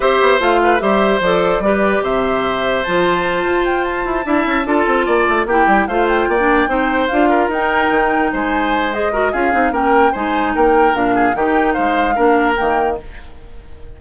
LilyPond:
<<
  \new Staff \with { instrumentName = "flute" } { \time 4/4 \tempo 4 = 148 e''4 f''4 e''4 d''4~ | d''4 e''2 a''4~ | a''4 g''8 a''2~ a''8~ | a''4. g''4 f''8 g''4~ |
g''4. f''4 g''4.~ | g''8 gis''4. dis''4 f''4 | g''4 gis''4 g''4 f''4 | g''4 f''2 g''4 | }
  \new Staff \with { instrumentName = "oboe" } { \time 4/4 c''4. b'8 c''2 | b'4 c''2.~ | c''2~ c''8 e''4 a'8~ | a'8 d''4 g'4 c''4 d''8~ |
d''8 c''4. ais'2~ | ais'8 c''2 ais'8 gis'4 | ais'4 c''4 ais'4. gis'8 | g'4 c''4 ais'2 | }
  \new Staff \with { instrumentName = "clarinet" } { \time 4/4 g'4 f'4 g'4 a'4 | g'2. f'4~ | f'2~ f'8 e'4 f'8~ | f'4. e'4 f'4~ f'16 d'16~ |
d'8 dis'4 f'4 dis'4.~ | dis'2 gis'8 fis'8 f'8 dis'8 | cis'4 dis'2 d'4 | dis'2 d'4 ais4 | }
  \new Staff \with { instrumentName = "bassoon" } { \time 4/4 c'8 b8 a4 g4 f4 | g4 c2 f4~ | f8 f'4. e'8 d'8 cis'8 d'8 | c'8 ais8 a8 ais8 g8 a4 ais8~ |
ais8 c'4 d'4 dis'4 dis8~ | dis8 gis2~ gis8 cis'8 c'8 | ais4 gis4 ais4 ais,4 | dis4 gis4 ais4 dis4 | }
>>